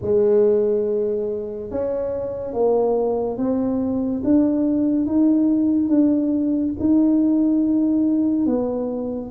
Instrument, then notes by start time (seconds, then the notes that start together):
tuba
0.01 G#3
1.70 C#4
2.53 A#3
3.37 C4
4.24 D4
5.06 D#4
5.88 D4
6.79 D#4
8.46 B3